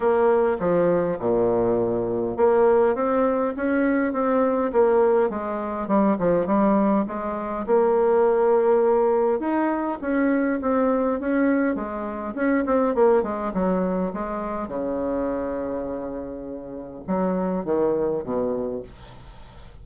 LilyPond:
\new Staff \with { instrumentName = "bassoon" } { \time 4/4 \tempo 4 = 102 ais4 f4 ais,2 | ais4 c'4 cis'4 c'4 | ais4 gis4 g8 f8 g4 | gis4 ais2. |
dis'4 cis'4 c'4 cis'4 | gis4 cis'8 c'8 ais8 gis8 fis4 | gis4 cis2.~ | cis4 fis4 dis4 b,4 | }